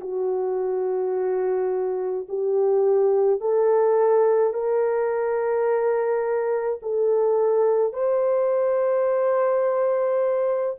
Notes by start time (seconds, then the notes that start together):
0.00 F#4
2.28 G4
3.40 A4
4.53 A#4
6.82 A4
7.93 C5